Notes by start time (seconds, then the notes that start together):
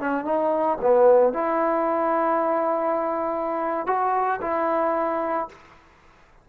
0.00 C#4
0.25 D#4
0.81 B3
1.33 E4
3.87 F#4
4.41 E4